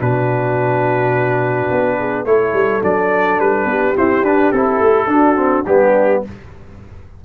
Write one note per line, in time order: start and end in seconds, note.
0.00 1.70 B2
0.00 2.26 D4
0.00 1.98 F#4
0.00 2.25 B4
1.71 2.25 B3
1.98 2.26 G#4
2.25 2.53 A3
2.25 2.82 E4
2.25 3.69 A4
2.25 2.82 C#5
2.53 2.82 G3
2.82 3.39 F#3
2.82 3.95 D4
2.82 3.40 D5
3.39 3.65 G3
3.39 3.96 B4
3.65 3.93 B3
3.65 5.10 G4
3.96 4.24 C4
3.96 4.23 E4
3.96 4.25 C5
4.23 4.51 D4
4.23 4.54 D4
4.23 4.52 B4
4.52 4.80 C4
4.52 5.08 E4
4.52 5.65 A4
4.80 5.07 A3
5.07 5.64 D4
5.07 5.36 D4
5.07 5.67 F#4
5.36 5.64 C4
5.66 6.23 G3
5.66 6.24 B3
5.66 6.23 D4
5.66 6.23 G4